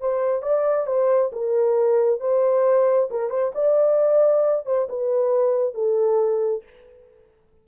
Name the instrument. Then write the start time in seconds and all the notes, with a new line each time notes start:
horn
0.00 C5
0.42 D5
0.87 C5
1.32 A#4
2.20 C5
3.11 A#4
3.30 C5
3.55 D5
4.66 C5
4.89 B4
5.74 A4